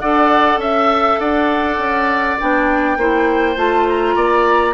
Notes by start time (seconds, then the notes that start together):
0.00 D4 A4 D5 F#5
0.58 C#4 E5
1.20 D4 D5 F#5
1.78 C#4
2.40 B3 D4 G5
2.97 A#3 E4 C5
3.56 A3 F4 A5
3.89 A#5
4.16 A#3 D5